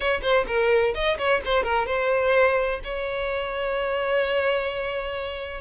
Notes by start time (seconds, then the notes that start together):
0.00 C#5
0.22 C5
0.47 A#4
0.94 D#5
1.17 C#5
1.45 C5
1.63 A#4
1.86 C5
2.84 C#5